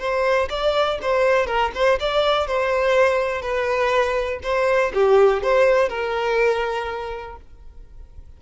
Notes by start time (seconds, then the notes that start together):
0.00 C5
0.50 D5
1.02 C5
1.47 A#4
1.75 C5
2.00 D5
2.48 C5
3.42 B4
4.44 C5
4.94 G4
5.43 C5
5.90 A#4